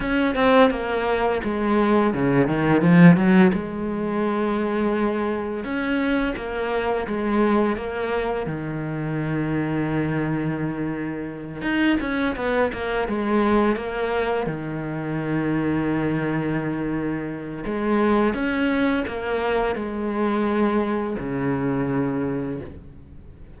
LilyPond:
\new Staff \with { instrumentName = "cello" } { \time 4/4 \tempo 4 = 85 cis'8 c'8 ais4 gis4 cis8 dis8 | f8 fis8 gis2. | cis'4 ais4 gis4 ais4 | dis1~ |
dis8 dis'8 cis'8 b8 ais8 gis4 ais8~ | ais8 dis2.~ dis8~ | dis4 gis4 cis'4 ais4 | gis2 cis2 | }